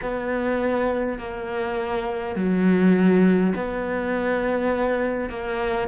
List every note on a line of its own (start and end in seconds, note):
0.01 1.18 B3
1.18 2.35 A#3
2.35 3.53 F#3
3.55 5.29 B3
5.29 5.88 A#3